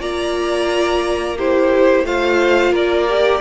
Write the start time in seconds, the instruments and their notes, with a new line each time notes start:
0.00 cello A#3, viola F4, violin D5 A#5
1.37 viola E4, violin G4 C5
2.05 cello A3, viola F4, violin C5 F5
2.72 cello A#3, violin A#4 D5
3.08 viola G4